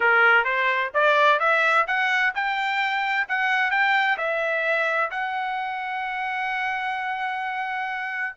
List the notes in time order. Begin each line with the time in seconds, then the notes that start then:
0.00 A#4
0.44 C5
0.93 D5
1.39 E5
1.87 F#5
2.34 G5
3.28 F#5
3.70 G5
4.17 E5
5.10 F#5